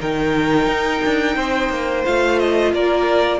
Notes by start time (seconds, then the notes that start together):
0.00 D#3 D#4 A#4 G5
0.67 D#4
1.05 D4
1.36 C4 C5
1.69 A#3
2.05 A3 F4 F5
2.40 D#5
2.73 A#3 A#4 D5